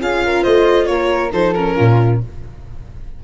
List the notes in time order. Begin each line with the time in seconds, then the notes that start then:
0.00 C#4 F4 G#4 F5
0.25 A#4
0.43 A3 C5 D#5
0.86 A#3 A#4 C#5
1.32 F3 D#4 A4 C5
1.54 C#4 A#4
1.76 A#2 F4